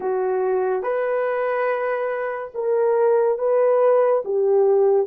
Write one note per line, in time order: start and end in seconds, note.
0.00 0.82 F#4
0.82 2.51 B4
2.54 3.38 A#4
3.38 4.23 B4
4.24 5.07 G4